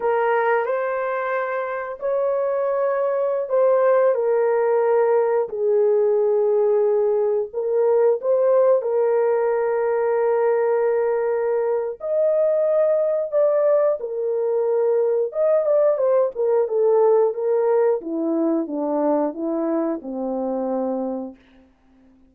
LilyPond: \new Staff \with { instrumentName = "horn" } { \time 4/4 \tempo 4 = 90 ais'4 c''2 cis''4~ | cis''4~ cis''16 c''4 ais'4.~ ais'16~ | ais'16 gis'2. ais'8.~ | ais'16 c''4 ais'2~ ais'8.~ |
ais'2 dis''2 | d''4 ais'2 dis''8 d''8 | c''8 ais'8 a'4 ais'4 e'4 | d'4 e'4 c'2 | }